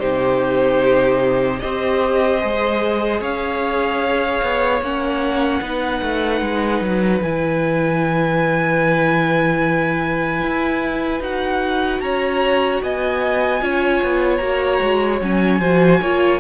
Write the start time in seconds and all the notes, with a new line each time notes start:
0.00 C3 D#4 G4 C5
1.60 C4 G4 C5 D#5
2.41 G#3 G#4
3.21 C#4 C#5 F5
4.43 B3
4.81 A#3 C#4 F#5
5.62 B3 D#4 B4
6.02 A3
6.41 G#3
6.81 F#3
7.23 E3 E4 G#5
10.43 E4
11.20 D#4 F#4 F#5
12.01 C#4 C#5 A#5
12.83 B3 D#5 G#5
13.60 C#4 F4 C#5
14.03 B3
14.37 A#3 F#4 A#5
14.82 G#3
15.22 F#3 C#4 G#5
15.60 F3 F#4 C5
16.01 A#3 F4 C#5